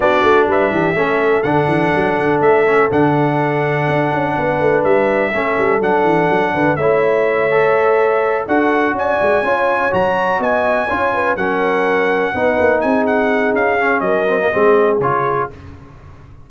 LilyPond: <<
  \new Staff \with { instrumentName = "trumpet" } { \time 4/4 \tempo 4 = 124 d''4 e''2 fis''4~ | fis''4 e''4 fis''2~ | fis''2 e''2 | fis''2 e''2~ |
e''4. fis''4 gis''4.~ | gis''8 ais''4 gis''2 fis''8~ | fis''2~ fis''8 gis''8 fis''4 | f''4 dis''2 cis''4 | }
  \new Staff \with { instrumentName = "horn" } { \time 4/4 fis'4 b'8 g'8 a'2~ | a'1~ | a'4 b'2 a'4~ | a'4. b'8 cis''2~ |
cis''4. a'4 d''4 cis''8~ | cis''4. dis''4 cis''8 b'8 ais'8~ | ais'4. b'4 gis'4.~ | gis'4 ais'4 gis'2 | }
  \new Staff \with { instrumentName = "trombone" } { \time 4/4 d'2 cis'4 d'4~ | d'4. cis'8 d'2~ | d'2. cis'4 | d'2 e'4. a'8~ |
a'4. fis'2 f'8~ | f'8 fis'2 f'4 cis'8~ | cis'4. dis'2~ dis'8~ | dis'8 cis'4 c'16 ais16 c'4 f'4 | }
  \new Staff \with { instrumentName = "tuba" } { \time 4/4 b8 a8 g8 e8 a4 d8 e8 | fis8 d8 a4 d2 | d'8 cis'8 b8 a8 g4 a8 g8 | fis8 e8 fis8 d8 a2~ |
a4. d'4 cis'8 gis8 cis'8~ | cis'8 fis4 b4 cis'4 fis8~ | fis4. b8 ais8 c'4. | cis'4 fis4 gis4 cis4 | }
>>